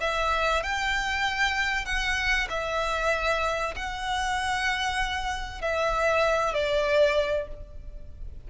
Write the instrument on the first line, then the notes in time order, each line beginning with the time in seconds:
violin
0.00 E5
0.63 G5
1.85 F#5
2.49 E5
3.76 F#5
5.61 E5
6.54 D5